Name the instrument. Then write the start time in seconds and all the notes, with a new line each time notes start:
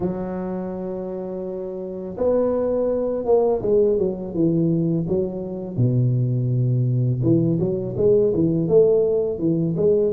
tuba
0.00 F#3
2.17 B3
3.25 A#3
3.61 G#3
3.98 F#3
4.34 E3
5.08 F#3
5.76 B2
7.22 E3
7.59 F#3
7.96 G#3
8.34 E3
8.67 A3
9.38 E3
9.76 G#3